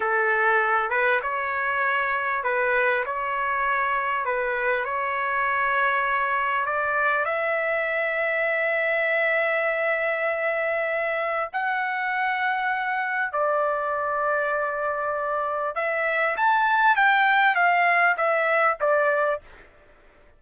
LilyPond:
\new Staff \with { instrumentName = "trumpet" } { \time 4/4 \tempo 4 = 99 a'4. b'8 cis''2 | b'4 cis''2 b'4 | cis''2. d''4 | e''1~ |
e''2. fis''4~ | fis''2 d''2~ | d''2 e''4 a''4 | g''4 f''4 e''4 d''4 | }